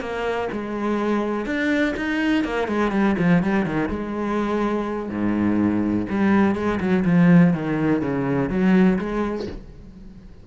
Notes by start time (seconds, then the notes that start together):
0.00 A#3
0.52 G#3
1.46 D4
1.97 D#4
2.44 A#3
2.68 G#3
2.91 G3
3.19 F3
3.43 G3
3.66 D#3
3.89 G#3
5.09 G#2
6.09 G3
6.55 G#3
6.80 F#3
7.05 F3
7.53 D#3
8.01 C#3
8.50 F#3
8.98 G#3